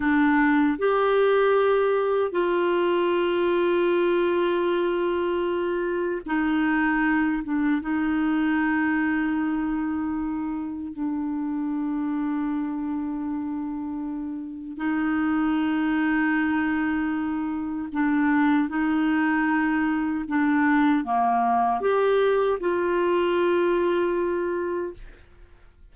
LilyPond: \new Staff \with { instrumentName = "clarinet" } { \time 4/4 \tempo 4 = 77 d'4 g'2 f'4~ | f'1 | dis'4. d'8 dis'2~ | dis'2 d'2~ |
d'2. dis'4~ | dis'2. d'4 | dis'2 d'4 ais4 | g'4 f'2. | }